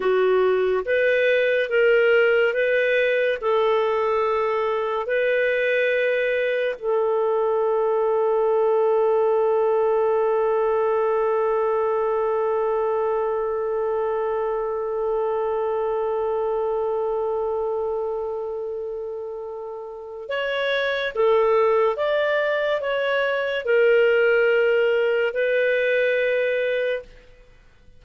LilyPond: \new Staff \with { instrumentName = "clarinet" } { \time 4/4 \tempo 4 = 71 fis'4 b'4 ais'4 b'4 | a'2 b'2 | a'1~ | a'1~ |
a'1~ | a'1 | cis''4 a'4 d''4 cis''4 | ais'2 b'2 | }